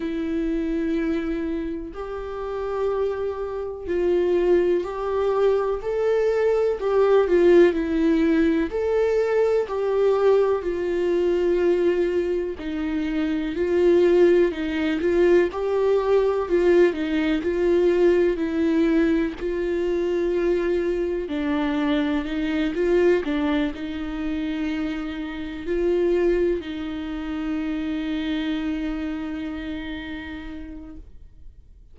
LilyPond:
\new Staff \with { instrumentName = "viola" } { \time 4/4 \tempo 4 = 62 e'2 g'2 | f'4 g'4 a'4 g'8 f'8 | e'4 a'4 g'4 f'4~ | f'4 dis'4 f'4 dis'8 f'8 |
g'4 f'8 dis'8 f'4 e'4 | f'2 d'4 dis'8 f'8 | d'8 dis'2 f'4 dis'8~ | dis'1 | }